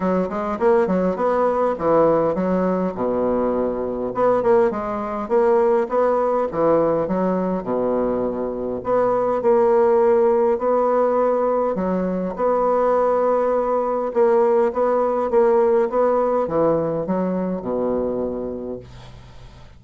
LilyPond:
\new Staff \with { instrumentName = "bassoon" } { \time 4/4 \tempo 4 = 102 fis8 gis8 ais8 fis8 b4 e4 | fis4 b,2 b8 ais8 | gis4 ais4 b4 e4 | fis4 b,2 b4 |
ais2 b2 | fis4 b2. | ais4 b4 ais4 b4 | e4 fis4 b,2 | }